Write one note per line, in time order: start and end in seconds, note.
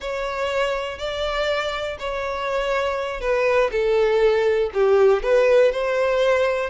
0.00 0.98 C#5
0.98 1.97 D5
1.99 3.20 C#5
3.20 3.70 B4
3.71 4.70 A4
4.73 5.22 G4
5.22 5.72 B4
5.72 6.70 C5